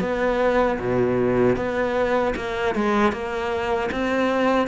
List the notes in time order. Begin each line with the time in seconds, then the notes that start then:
0.00 B3
0.79 B2
1.56 B3
2.36 A#3
2.74 G#3
3.12 A#3
3.91 C4